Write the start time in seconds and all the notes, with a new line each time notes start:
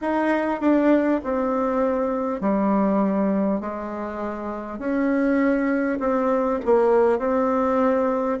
0.01 D#4
0.61 D4
1.23 C4
2.40 G3
3.60 G#3
4.78 C#4
5.99 C4
6.65 A#3
7.18 C4